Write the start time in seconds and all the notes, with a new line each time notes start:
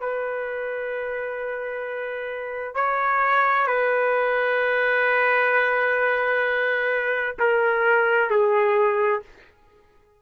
0.00 B4
2.74 C#5
3.67 B4
7.39 A#4
8.30 G#4